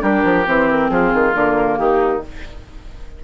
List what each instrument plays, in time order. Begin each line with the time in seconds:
0.00 bassoon G3, clarinet D4, oboe G4, flute A#4
0.24 bassoon F3
0.46 bassoon E3, clarinet C4, flute C5
0.70 flute A#4
0.89 bassoon F3, oboe F4, flute G#4
1.14 bassoon D#3
1.33 bassoon D3, clarinet A#3, flute A#4
1.78 bassoon D#3, oboe D#4, flute G4